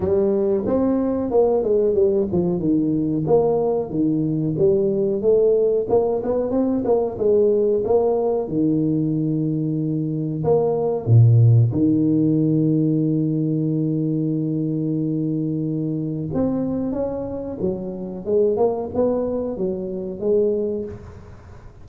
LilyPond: \new Staff \with { instrumentName = "tuba" } { \time 4/4 \tempo 4 = 92 g4 c'4 ais8 gis8 g8 f8 | dis4 ais4 dis4 g4 | a4 ais8 b8 c'8 ais8 gis4 | ais4 dis2. |
ais4 ais,4 dis2~ | dis1~ | dis4 c'4 cis'4 fis4 | gis8 ais8 b4 fis4 gis4 | }